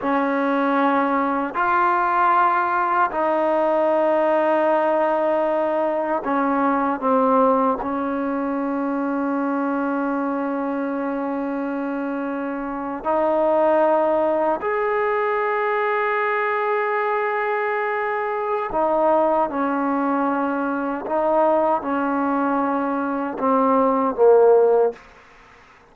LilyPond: \new Staff \with { instrumentName = "trombone" } { \time 4/4 \tempo 4 = 77 cis'2 f'2 | dis'1 | cis'4 c'4 cis'2~ | cis'1~ |
cis'8. dis'2 gis'4~ gis'16~ | gis'1 | dis'4 cis'2 dis'4 | cis'2 c'4 ais4 | }